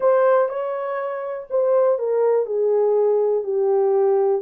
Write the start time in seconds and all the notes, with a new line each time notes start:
0.00 C5
0.49 C#5
1.50 C5
1.98 A#4
2.46 G#4
3.43 G4